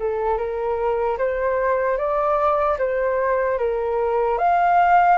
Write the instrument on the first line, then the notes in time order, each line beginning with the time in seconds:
flute
0.00 A4
0.38 A#4
1.18 C5
1.98 D5
2.79 C5
3.59 A#4
4.38 F5